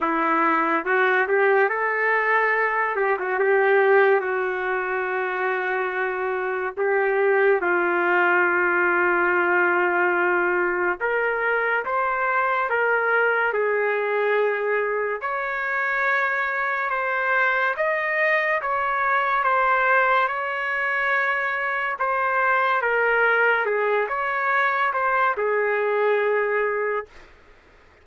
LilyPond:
\new Staff \with { instrumentName = "trumpet" } { \time 4/4 \tempo 4 = 71 e'4 fis'8 g'8 a'4. g'16 fis'16 | g'4 fis'2. | g'4 f'2.~ | f'4 ais'4 c''4 ais'4 |
gis'2 cis''2 | c''4 dis''4 cis''4 c''4 | cis''2 c''4 ais'4 | gis'8 cis''4 c''8 gis'2 | }